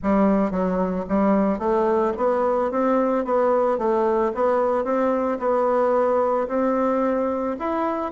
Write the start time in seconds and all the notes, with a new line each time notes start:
0.03 G3
0.50 F#3
1.08 G3
1.58 A3
2.17 B3
2.71 C4
3.24 B3
3.78 A3
4.34 B3
4.84 C4
5.39 B3
6.48 C4
7.59 E4